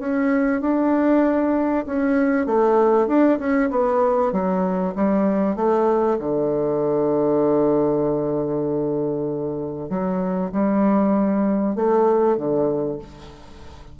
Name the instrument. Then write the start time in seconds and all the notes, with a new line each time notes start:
bassoon
0.00 C#4
0.62 D4
1.86 C#4
2.47 A3
3.08 D4
3.39 C#4
3.71 B3
4.33 F#3
4.96 G3
5.56 A3
6.20 D3
9.90 F#3
10.52 G3
11.76 A3
12.37 D3